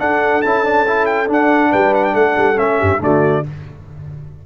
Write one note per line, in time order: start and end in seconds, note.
0.00 0.43 D4
0.00 0.44 D4
0.00 1.71 A4
0.00 0.42 F#5
0.42 1.30 C#4
0.42 0.65 E4
0.42 1.06 A5
0.65 0.86 D4
0.88 1.27 E4
1.06 1.28 G5
1.27 2.56 D4
1.27 1.73 D4
1.27 1.73 F#5
1.71 2.15 G3
1.71 2.13 B4
1.71 1.94 G5
1.95 2.05 F#5
2.05 2.15 G5
2.13 2.37 A3
2.13 2.78 A4
2.13 2.59 F#5
2.38 2.59 G3
2.56 2.81 A3
2.56 2.99 C#4
2.56 3.02 E5
2.79 3.00 G2
2.79 3.00 G4
3.00 3.43 D3
3.00 3.44 A3
3.00 3.46 F#4
3.00 3.46 D5